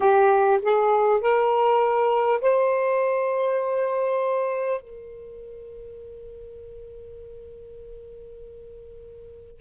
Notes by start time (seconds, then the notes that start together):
0.00 G4
0.62 G#4
1.21 A#4
2.41 C5
4.81 A#4